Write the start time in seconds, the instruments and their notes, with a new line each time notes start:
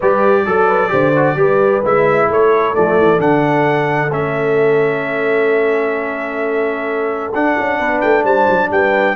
0.00 tuba G3, trombone G4, horn B4, trumpet D5
0.46 tuba F#3, trombone A4, horn A4
0.67 horn B4
0.89 tuba D3, trombone G4, horn C5
1.15 trombone F#4
1.35 tuba G3, trombone G4, horn B4
1.84 tuba G#3, trombone E4, trumpet E5
2.29 tuba A3, horn A4, trumpet C#5
2.74 tuba F3, trombone A3, trumpet D5
2.98 tuba E3
3.18 tuba D3, trombone D4, trumpet F#5
4.11 tuba A3, trombone C#4, trumpet E5
7.34 trombone D4, tuba D4, trumpet F#5
7.58 tuba C#4
7.79 tuba B3, horn B4
8.01 tuba A3, trumpet G5
8.23 tuba G3, horn C5, trumpet A5
8.49 tuba F#3
8.70 tuba G3, horn B4, trumpet G5